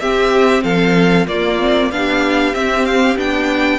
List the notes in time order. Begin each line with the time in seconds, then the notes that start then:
0.00 C4 G4 E5
0.64 F3 A4 F5
1.27 A#3 F4 D5
1.60 C4
1.92 B3 D4 G4 F5
2.54 C4 E5
2.86 F5
3.16 B3 D4 G5